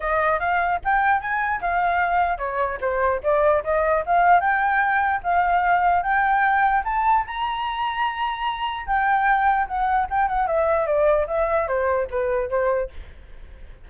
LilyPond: \new Staff \with { instrumentName = "flute" } { \time 4/4 \tempo 4 = 149 dis''4 f''4 g''4 gis''4 | f''2 cis''4 c''4 | d''4 dis''4 f''4 g''4~ | g''4 f''2 g''4~ |
g''4 a''4 ais''2~ | ais''2 g''2 | fis''4 g''8 fis''8 e''4 d''4 | e''4 c''4 b'4 c''4 | }